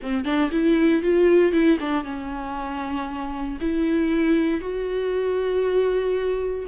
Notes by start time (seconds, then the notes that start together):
0.02 C4
0.24 D4
0.51 E4
1.02 F4
1.52 E4
1.79 D4
2.04 C#4
3.60 E4
4.60 F#4